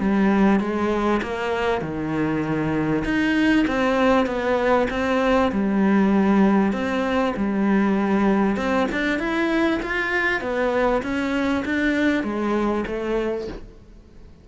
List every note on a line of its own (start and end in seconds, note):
0.00 0.60 G3
0.60 1.22 G#3
1.23 1.82 A#3
1.82 3.04 D#3
3.05 3.66 D#4
3.68 4.26 C4
4.26 4.88 B3
4.90 5.52 C4
5.52 6.73 G3
6.73 7.34 C4
7.37 8.57 G3
8.57 8.87 C4
8.92 9.19 D4
9.19 9.80 E4
9.83 10.41 F4
10.41 11.03 B3
11.03 11.64 C#4
11.65 12.24 D4
12.24 12.85 G#3
12.87 13.48 A3